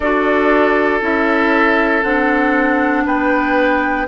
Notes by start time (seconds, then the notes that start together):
0.00 D4 F#4 A4 D5
1.01 C#4 E4 E5
2.03 C4 D4 F#5
3.05 B3 B4 G5